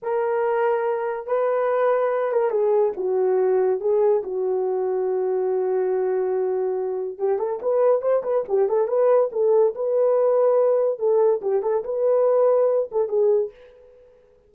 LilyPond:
\new Staff \with { instrumentName = "horn" } { \time 4/4 \tempo 4 = 142 ais'2. b'4~ | b'4. ais'8 gis'4 fis'4~ | fis'4 gis'4 fis'2~ | fis'1~ |
fis'4 g'8 a'8 b'4 c''8 b'8 | g'8 a'8 b'4 a'4 b'4~ | b'2 a'4 g'8 a'8 | b'2~ b'8 a'8 gis'4 | }